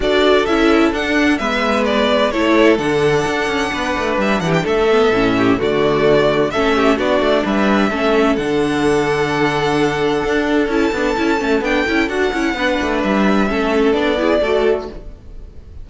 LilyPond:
<<
  \new Staff \with { instrumentName = "violin" } { \time 4/4 \tempo 4 = 129 d''4 e''4 fis''4 e''4 | d''4 cis''4 fis''2~ | fis''4 e''8 fis''16 g''16 e''2 | d''2 e''4 d''4 |
e''2 fis''2~ | fis''2. a''4~ | a''4 g''4 fis''2 | e''2 d''2 | }
  \new Staff \with { instrumentName = "violin" } { \time 4/4 a'2. b'4~ | b'4 a'2. | b'4. g'8 a'4. g'8 | fis'2 a'8 g'8 fis'4 |
b'4 a'2.~ | a'1~ | a'2. b'4~ | b'4 a'4. gis'8 a'4 | }
  \new Staff \with { instrumentName = "viola" } { \time 4/4 fis'4 e'4 d'4 b4~ | b4 e'4 d'2~ | d'2~ d'8 b8 cis'4 | a2 cis'4 d'4~ |
d'4 cis'4 d'2~ | d'2. e'8 d'8 | e'8 cis'8 d'8 e'8 fis'8 e'8 d'4~ | d'4 cis'4 d'8 e'8 fis'4 | }
  \new Staff \with { instrumentName = "cello" } { \time 4/4 d'4 cis'4 d'4 gis4~ | gis4 a4 d4 d'8 cis'8 | b8 a8 g8 e8 a4 a,4 | d2 a4 b8 a8 |
g4 a4 d2~ | d2 d'4 cis'8 b8 | cis'8 a8 b8 cis'8 d'8 cis'8 b8 a8 | g4 a4 b4 a4 | }
>>